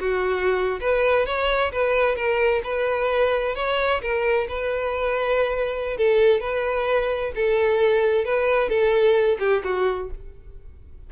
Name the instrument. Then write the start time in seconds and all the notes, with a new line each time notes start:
violin
0.00 F#4
0.80 B4
1.26 C#5
1.72 B4
2.16 A#4
2.64 B4
3.55 C#5
4.02 A#4
4.48 B4
5.97 A4
6.40 B4
7.35 A4
8.25 B4
8.69 A4
9.39 G4
9.64 F#4